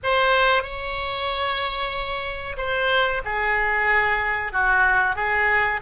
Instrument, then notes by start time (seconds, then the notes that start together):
oboe
0.03 C5
0.62 C#5
2.57 C5
3.24 G#4
4.52 F#4
5.15 G#4